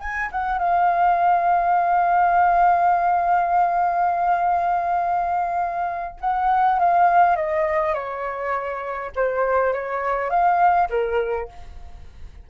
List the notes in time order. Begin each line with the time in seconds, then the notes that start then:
0.00 G#5
0.32 F#5
0.59 F5
6.20 F#5
6.79 F5
7.36 D#5
7.94 C#5
9.15 C5
9.73 C#5
10.30 F5
10.90 A#4